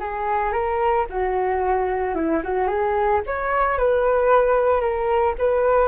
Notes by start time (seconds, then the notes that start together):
0.00 G#4
0.53 A#4
1.10 F#4
2.15 E4
2.44 F#4
2.68 G#4
3.27 C#5
3.79 B4
4.81 A#4
5.39 B4